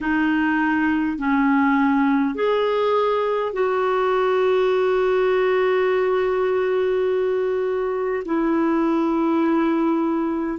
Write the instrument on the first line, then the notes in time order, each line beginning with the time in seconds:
clarinet
0.00 D#4
1.18 C#4
2.35 G#4
3.52 F#4
8.25 E4